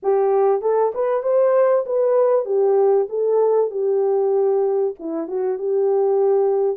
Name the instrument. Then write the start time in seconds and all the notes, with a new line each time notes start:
horn
0.02 G4
0.61 A4
0.94 B4
1.22 C5
1.86 B4
2.45 G4
3.09 A4
3.70 G4
4.99 E4
5.27 F#4
5.58 G4